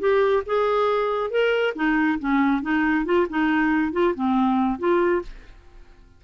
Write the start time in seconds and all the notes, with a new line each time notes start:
0.00 G4
0.46 G#4
1.30 A#4
1.75 D#4
2.19 C#4
2.62 D#4
3.05 F4
3.30 D#4
3.93 F4
4.15 C4
4.79 F4